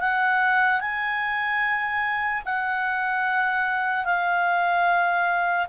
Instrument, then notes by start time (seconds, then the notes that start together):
clarinet
0.00 F#5
0.80 G#5
2.45 F#5
4.05 F5